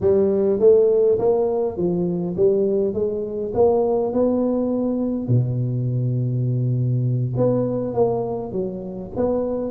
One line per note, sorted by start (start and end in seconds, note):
0.01 0.59 G3
0.59 1.18 A3
1.18 1.77 A#3
1.77 2.36 F3
2.36 2.93 G3
2.93 3.52 G#3
3.53 4.12 A#3
4.12 5.28 B3
5.28 7.33 B2
7.36 7.94 B3
7.94 8.51 A#3
8.51 9.10 F#3
9.16 9.71 B3